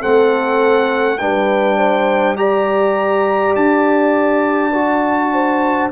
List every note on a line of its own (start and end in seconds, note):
0.00 1.21 A3
0.00 1.18 C4
0.00 1.18 A4
0.00 1.18 F#5
1.18 3.55 G3
1.18 2.36 D4
1.18 1.77 B4
1.18 2.35 G5
1.77 2.36 C5
2.36 4.71 G4
2.36 5.32 D5
2.36 3.54 A#5
3.55 5.91 D4
3.55 5.91 A5
4.73 5.90 F#4
5.32 5.91 C5